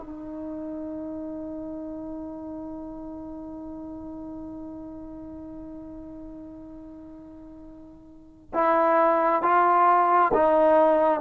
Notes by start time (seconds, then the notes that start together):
0.00 D#4
8.54 E4
9.43 F4
10.34 D#4